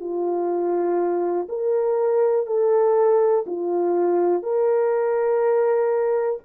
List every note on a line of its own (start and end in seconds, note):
0.00 1.47 F4
1.48 2.46 A#4
2.46 3.44 A4
3.46 4.43 F4
4.43 6.39 A#4